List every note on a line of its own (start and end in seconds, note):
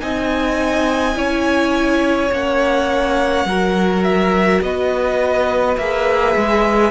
0.00 1.16 C4
0.00 1.14 D#4
0.00 1.17 D#5
0.00 2.31 G#5
1.14 2.31 C#4
1.14 2.29 E4
1.14 3.47 C#5
2.32 3.45 A#3
2.32 3.48 C#4
2.32 4.03 F#5
3.45 4.60 F#3
3.45 5.80 F#4
3.45 4.63 A#4
4.03 4.61 E5
4.61 5.77 B3
4.61 6.91 B4
4.61 5.77 D#5
5.77 6.35 A#3
5.77 6.91 G#4
5.77 6.91 E5
6.37 6.91 G#3